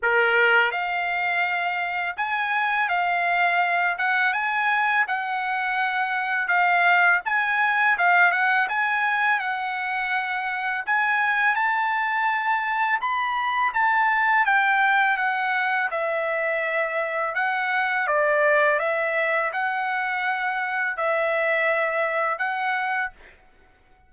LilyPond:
\new Staff \with { instrumentName = "trumpet" } { \time 4/4 \tempo 4 = 83 ais'4 f''2 gis''4 | f''4. fis''8 gis''4 fis''4~ | fis''4 f''4 gis''4 f''8 fis''8 | gis''4 fis''2 gis''4 |
a''2 b''4 a''4 | g''4 fis''4 e''2 | fis''4 d''4 e''4 fis''4~ | fis''4 e''2 fis''4 | }